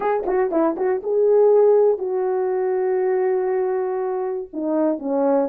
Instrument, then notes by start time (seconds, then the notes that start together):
horn
0.00 G#4
0.26 F#4
0.51 E4
0.76 F#4
1.02 G#4
1.98 F#4
4.53 D#4
4.98 C#4